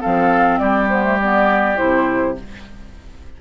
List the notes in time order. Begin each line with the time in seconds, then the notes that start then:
0.00 F3 C4 A4 F5
0.58 G3 G4 D5
0.89 B3 C5
1.03 A3
1.19 B3 D5
1.76 E4 C5
1.82 C3